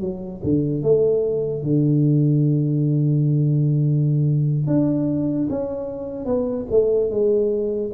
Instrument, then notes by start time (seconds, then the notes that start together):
tuba
0.00 F#3
0.43 D3
0.83 A3
1.63 D3
4.67 D4
5.50 C#4
6.25 B3
6.70 A3
7.10 G#3